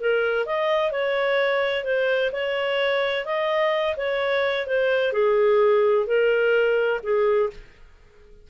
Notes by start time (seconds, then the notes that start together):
0.00 A#4
0.45 D#5
0.91 C#5
1.84 C5
2.32 C#5
3.25 D#5
3.96 C#5
4.67 C5
5.13 G#4
6.07 A#4
7.03 G#4